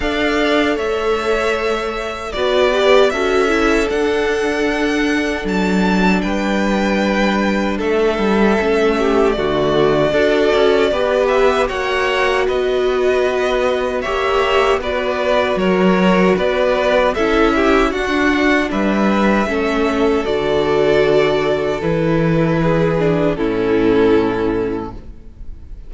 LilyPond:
<<
  \new Staff \with { instrumentName = "violin" } { \time 4/4 \tempo 4 = 77 f''4 e''2 d''4 | e''4 fis''2 a''4 | g''2 e''2 | d''2~ d''8 e''8 fis''4 |
dis''2 e''4 d''4 | cis''4 d''4 e''4 fis''4 | e''2 d''2 | b'2 a'2 | }
  \new Staff \with { instrumentName = "violin" } { \time 4/4 d''4 cis''2 b'4 | a'1 | b'2 a'4. g'8 | fis'4 a'4 b'4 cis''4 |
b'2 cis''4 b'4 | ais'4 b'4 a'8 g'8 fis'4 | b'4 a'2.~ | a'4 gis'4 e'2 | }
  \new Staff \with { instrumentName = "viola" } { \time 4/4 a'2. fis'8 g'8 | fis'8 e'8 d'2.~ | d'2. cis'4 | a4 fis'4 g'4 fis'4~ |
fis'2 g'4 fis'4~ | fis'2 e'4 d'4~ | d'4 cis'4 fis'2 | e'4. d'8 cis'2 | }
  \new Staff \with { instrumentName = "cello" } { \time 4/4 d'4 a2 b4 | cis'4 d'2 fis4 | g2 a8 g8 a4 | d4 d'8 cis'8 b4 ais4 |
b2 ais4 b4 | fis4 b4 cis'4 d'4 | g4 a4 d2 | e2 a,2 | }
>>